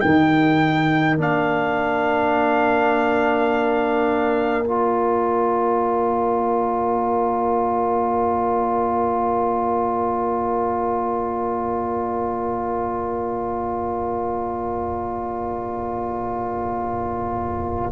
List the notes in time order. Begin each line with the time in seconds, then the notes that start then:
0.00 D#3 D#4 A#4 G5
1.17 A#3 D4 F5
4.65 F4 D5